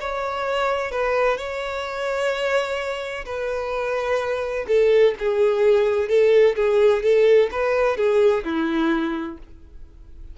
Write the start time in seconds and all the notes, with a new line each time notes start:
0.00 C#5
0.92 B4
1.38 C#5
3.26 B4
4.68 A4
5.19 G#4
6.09 A4
6.56 G#4
7.03 A4
7.51 B4
7.97 G#4
8.44 E4